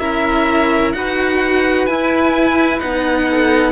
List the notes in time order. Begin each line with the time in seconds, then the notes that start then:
0.00 C#4 E4 A#4 E5
0.93 D#4 F#4 B4 F#5
1.86 E4 G#5
2.79 B3 D#4 F#5
3.29 A4